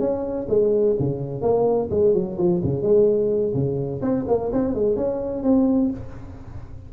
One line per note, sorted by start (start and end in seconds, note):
0.00 0.47 C#4
0.49 0.96 G#3
0.99 1.42 C#3
1.42 1.89 A#3
1.91 2.14 G#3
2.14 2.38 F#3
2.38 2.62 F3
2.64 2.83 C#3
2.83 3.53 G#3
3.54 4.01 C#3
4.02 4.25 C4
4.28 4.51 A#3
4.53 4.75 C4
4.75 4.97 G#3
4.97 5.43 C#4
5.43 5.91 C4